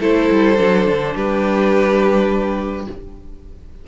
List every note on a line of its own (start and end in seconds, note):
0.00 0.29 A3
0.00 0.57 E4
0.00 1.15 A4
0.00 1.16 C5
0.31 0.59 G3
0.57 0.87 F#3
0.57 2.86 D4
0.87 1.16 D3
1.15 2.87 G3
1.15 2.87 G4
1.15 2.88 B4